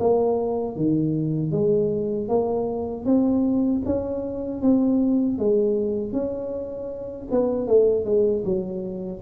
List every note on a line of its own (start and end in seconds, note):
0.00 0.77 A#3
0.77 1.52 D#3
1.52 2.29 G#3
2.29 3.06 A#3
3.06 3.83 C4
3.86 4.62 C#4
4.62 5.39 C4
5.39 6.13 G#3
6.13 7.28 C#4
7.31 7.68 B3
7.68 8.05 A3
8.05 8.44 G#3
8.45 9.22 F#3